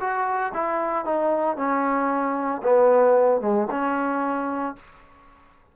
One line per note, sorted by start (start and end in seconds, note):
0.00 0.53 F#4
0.54 1.05 E4
1.05 1.57 D#4
1.57 2.62 C#4
2.63 3.41 B3
3.41 3.67 G#3
3.71 4.76 C#4